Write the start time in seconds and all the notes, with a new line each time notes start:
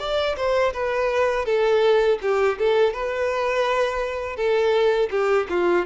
0.00 D5
0.37 C5
0.74 B4
1.46 A4
2.22 G4
2.59 A4
2.94 B4
4.37 A4
5.11 G4
5.50 F4